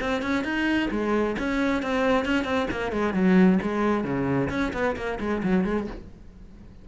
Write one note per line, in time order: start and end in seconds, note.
0.00 0.22 C4
0.22 0.44 C#4
0.44 0.89 D#4
0.91 1.36 G#3
1.38 1.82 C#4
1.82 2.25 C4
2.25 2.44 C#4
2.44 2.67 C4
2.71 2.92 A#3
2.92 3.13 G#3
3.13 3.58 F#3
3.62 4.04 G#3
4.04 4.49 C#3
4.49 4.72 C#4
4.73 4.95 B3
4.96 5.19 A#3
5.19 5.42 G#3
5.43 5.64 F#3
5.64 5.87 G#3